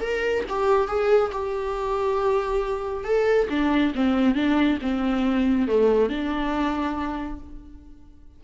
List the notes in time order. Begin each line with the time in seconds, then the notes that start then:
0.00 A#4
0.49 G4
0.88 G#4
1.32 G4
3.04 A4
3.49 D4
3.95 C4
4.35 D4
4.82 C4
5.68 A3
6.09 D4